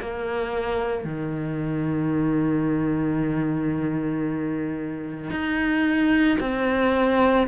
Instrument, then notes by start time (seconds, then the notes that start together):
cello
0.00 A#3
1.05 D#3
5.31 D#4
6.40 C4